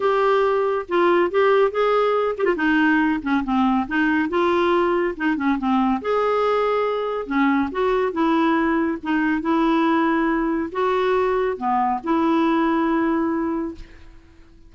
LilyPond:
\new Staff \with { instrumentName = "clarinet" } { \time 4/4 \tempo 4 = 140 g'2 f'4 g'4 | gis'4. g'16 f'16 dis'4. cis'8 | c'4 dis'4 f'2 | dis'8 cis'8 c'4 gis'2~ |
gis'4 cis'4 fis'4 e'4~ | e'4 dis'4 e'2~ | e'4 fis'2 b4 | e'1 | }